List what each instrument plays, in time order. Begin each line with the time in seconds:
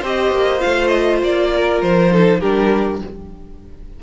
0.00 cello C4, viola G4, violin C5 D#5
0.31 cello A#3
0.58 viola F4, violin F5
0.65 cello A3
0.87 violin D#5
1.22 cello A#3, violin D5
1.54 violin A#4
1.81 cello F3, violin C5
2.11 viola D#4, violin A4
2.40 cello G3, viola D4, violin G4 A#4